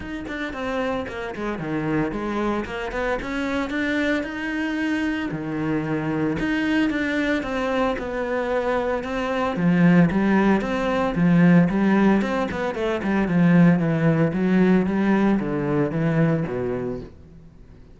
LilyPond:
\new Staff \with { instrumentName = "cello" } { \time 4/4 \tempo 4 = 113 dis'8 d'8 c'4 ais8 gis8 dis4 | gis4 ais8 b8 cis'4 d'4 | dis'2 dis2 | dis'4 d'4 c'4 b4~ |
b4 c'4 f4 g4 | c'4 f4 g4 c'8 b8 | a8 g8 f4 e4 fis4 | g4 d4 e4 b,4 | }